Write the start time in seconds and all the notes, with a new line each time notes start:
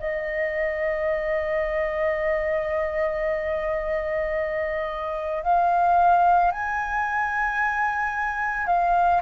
0.00 D#5
5.43 F5
6.52 G#5
8.67 F5